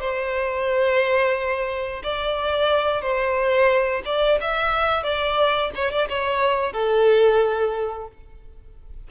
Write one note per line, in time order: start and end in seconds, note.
0.00 2.02 C5
2.03 3.01 D5
3.01 4.02 C5
4.05 4.39 D5
4.41 5.03 E5
5.03 5.71 D5
5.75 5.91 C#5
5.91 6.08 D5
6.09 6.73 C#5
6.73 8.07 A4